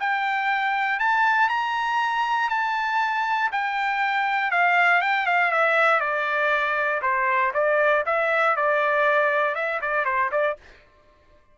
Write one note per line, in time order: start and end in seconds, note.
0.00 1.00 G5
1.00 1.49 A5
1.49 2.50 A#5
2.50 3.51 A5
3.52 4.51 G5
4.51 5.01 F5
5.01 5.26 G5
5.26 5.52 F5
5.52 6.00 E5
6.00 7.01 D5
7.02 7.52 C5
7.54 8.04 D5
8.06 8.56 E5
8.56 9.55 D5
9.55 9.80 E5
9.82 10.05 D5
10.05 10.30 C5
10.32 10.57 D5